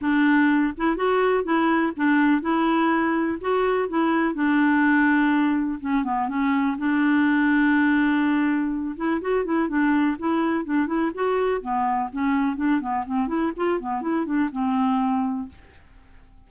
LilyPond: \new Staff \with { instrumentName = "clarinet" } { \time 4/4 \tempo 4 = 124 d'4. e'8 fis'4 e'4 | d'4 e'2 fis'4 | e'4 d'2. | cis'8 b8 cis'4 d'2~ |
d'2~ d'8 e'8 fis'8 e'8 | d'4 e'4 d'8 e'8 fis'4 | b4 cis'4 d'8 b8 c'8 e'8 | f'8 b8 e'8 d'8 c'2 | }